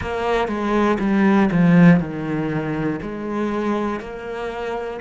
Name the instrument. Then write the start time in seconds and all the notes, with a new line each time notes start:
cello
0.01 A#3
0.48 G#3
1.00 G3
1.51 F3
2.00 D#3
3.02 G#3
4.00 A#3